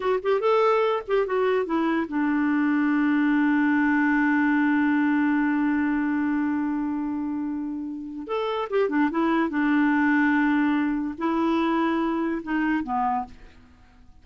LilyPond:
\new Staff \with { instrumentName = "clarinet" } { \time 4/4 \tempo 4 = 145 fis'8 g'8 a'4. g'8 fis'4 | e'4 d'2.~ | d'1~ | d'1~ |
d'1 | a'4 g'8 d'8 e'4 d'4~ | d'2. e'4~ | e'2 dis'4 b4 | }